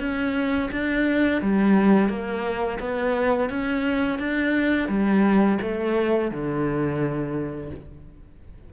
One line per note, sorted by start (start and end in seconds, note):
0.00 0.69 C#4
0.72 1.41 D4
1.42 2.09 G3
2.09 2.79 A#3
2.80 3.49 B3
3.50 4.19 C#4
4.19 4.89 D4
4.89 5.58 G3
5.62 6.31 A3
6.31 7.71 D3